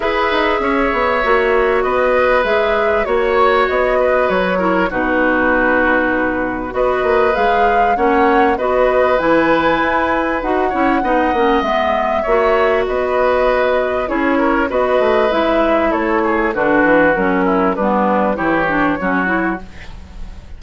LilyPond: <<
  \new Staff \with { instrumentName = "flute" } { \time 4/4 \tempo 4 = 98 e''2. dis''4 | e''4 cis''4 dis''4 cis''4 | b'2. dis''4 | f''4 fis''4 dis''4 gis''4~ |
gis''4 fis''2 e''4~ | e''4 dis''2 cis''4 | dis''4 e''4 cis''4 b'4 | ais'4 b'4 cis''2 | }
  \new Staff \with { instrumentName = "oboe" } { \time 4/4 b'4 cis''2 b'4~ | b'4 cis''4. b'4 ais'8 | fis'2. b'4~ | b'4 cis''4 b'2~ |
b'4. cis''8 dis''2 | cis''4 b'2 gis'8 ais'8 | b'2 a'8 gis'8 fis'4~ | fis'8 e'8 d'4 g'4 fis'4 | }
  \new Staff \with { instrumentName = "clarinet" } { \time 4/4 gis'2 fis'2 | gis'4 fis'2~ fis'8 e'8 | dis'2. fis'4 | gis'4 cis'4 fis'4 e'4~ |
e'4 fis'8 e'8 dis'8 cis'8 b4 | fis'2. e'4 | fis'4 e'2 d'4 | cis'4 b4 e'8 d'8 cis'8 e'8 | }
  \new Staff \with { instrumentName = "bassoon" } { \time 4/4 e'8 dis'8 cis'8 b8 ais4 b4 | gis4 ais4 b4 fis4 | b,2. b8 ais8 | gis4 ais4 b4 e4 |
e'4 dis'8 cis'8 b8 ais8 gis4 | ais4 b2 cis'4 | b8 a8 gis4 a4 d8 e8 | fis4 g4 e4 fis4 | }
>>